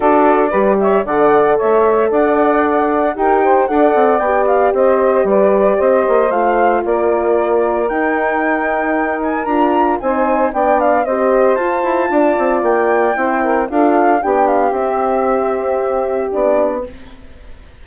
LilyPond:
<<
  \new Staff \with { instrumentName = "flute" } { \time 4/4 \tempo 4 = 114 d''4. e''8 fis''4 e''4 | fis''2 g''4 fis''4 | g''8 f''8 dis''4 d''4 dis''4 | f''4 d''2 g''4~ |
g''4. gis''8 ais''4 gis''4 | g''8 f''8 dis''4 a''2 | g''2 f''4 g''8 f''8 | e''2. d''4 | }
  \new Staff \with { instrumentName = "saxophone" } { \time 4/4 a'4 b'8 cis''8 d''4 cis''4 | d''2 ais'8 c''8 d''4~ | d''4 c''4 b'4 c''4~ | c''4 ais'2.~ |
ais'2. c''4 | d''4 c''2 d''4~ | d''4 c''8 ais'8 a'4 g'4~ | g'1 | }
  \new Staff \with { instrumentName = "horn" } { \time 4/4 fis'4 g'4 a'2~ | a'2 g'4 a'4 | g'1 | f'2. dis'4~ |
dis'2 f'4 dis'4 | d'4 g'4 f'2~ | f'4 e'4 f'4 d'4 | c'2. d'4 | }
  \new Staff \with { instrumentName = "bassoon" } { \time 4/4 d'4 g4 d4 a4 | d'2 dis'4 d'8 c'8 | b4 c'4 g4 c'8 ais8 | a4 ais2 dis'4~ |
dis'2 d'4 c'4 | b4 c'4 f'8 e'8 d'8 c'8 | ais4 c'4 d'4 b4 | c'2. b4 | }
>>